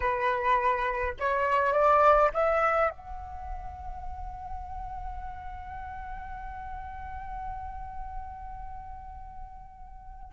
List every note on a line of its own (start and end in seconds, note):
0.00 1.14 B4
1.19 1.72 C#5
1.72 2.30 D5
2.33 2.90 E5
2.90 10.32 F#5